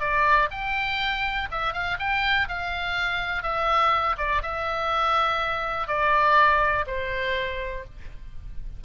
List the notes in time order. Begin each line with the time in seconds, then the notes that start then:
0.00 D5
0.51 G5
1.51 E5
1.73 F5
1.99 G5
2.48 F5
3.43 E5
4.17 D5
4.42 E5
5.87 D5
6.86 C5